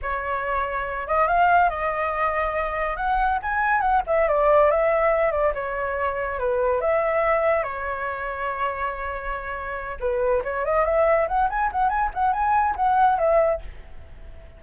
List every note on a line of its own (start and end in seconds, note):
0.02 1.07 C#5
1.07 1.27 D#5
1.27 1.69 F5
1.69 2.96 D#5
2.96 3.39 F#5
3.42 3.80 G#5
3.80 4.02 F#5
4.06 4.28 E5
4.28 4.70 D5
4.70 5.31 E5
5.31 5.52 D5
5.54 6.39 C#5
6.39 6.80 B4
6.80 7.63 E5
7.63 9.97 C#5
9.99 10.42 B4
10.44 10.65 C#5
10.65 10.85 D#5
10.85 11.27 E5
11.28 11.49 F#5
11.49 11.70 G#5
11.72 11.89 F#5
11.89 12.10 G#5
12.14 12.32 F#5
12.32 12.75 G#5
12.76 13.18 F#5
13.18 13.61 E5